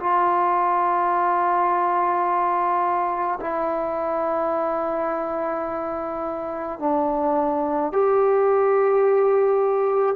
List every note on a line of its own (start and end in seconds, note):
0.00 3.40 F4
3.41 6.80 E4
6.80 7.93 D4
7.93 10.16 G4